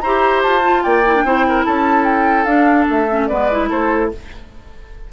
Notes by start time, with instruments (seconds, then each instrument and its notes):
0.00 bassoon E4, clarinet G4, oboe C5, flute A#5
0.42 bassoon F4, flute A5
0.62 clarinet F4
0.82 bassoon A#3, oboe D5, flute G5
1.06 clarinet E4
1.15 clarinet D4
1.23 bassoon C4, clarinet E4, oboe C5
1.47 oboe A#4
1.65 bassoon C#4, oboe A4, flute A5
2.04 flute G5
2.44 bassoon D4, clarinet D4, flute F5
2.89 bassoon A3, flute E5
3.10 clarinet C#4
3.27 bassoon G#3, clarinet B3, oboe B4, flute D5
3.51 clarinet E4
3.69 bassoon A3, oboe A4, flute C5